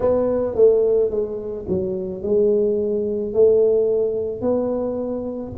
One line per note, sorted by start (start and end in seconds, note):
0.00 0.55 B3
0.55 1.10 A3
1.10 1.66 G#3
1.68 2.22 F#3
2.22 3.33 G#3
3.33 4.41 A3
4.41 5.52 B3